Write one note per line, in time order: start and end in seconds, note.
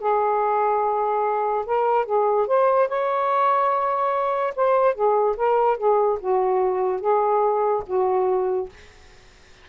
0.00 1.66 G#4
1.66 2.06 A#4
2.06 2.47 G#4
2.47 2.89 C5
2.89 4.54 C#5
4.56 4.95 C5
4.95 5.36 G#4
5.37 5.78 A#4
5.78 6.19 G#4
6.21 7.01 F#4
7.01 7.84 G#4
7.87 8.70 F#4